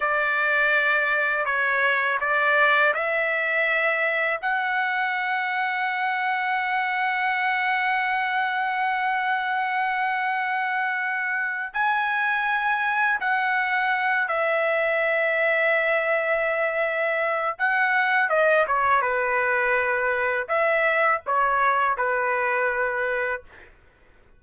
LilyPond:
\new Staff \with { instrumentName = "trumpet" } { \time 4/4 \tempo 4 = 82 d''2 cis''4 d''4 | e''2 fis''2~ | fis''1~ | fis''1 |
gis''2 fis''4. e''8~ | e''1 | fis''4 dis''8 cis''8 b'2 | e''4 cis''4 b'2 | }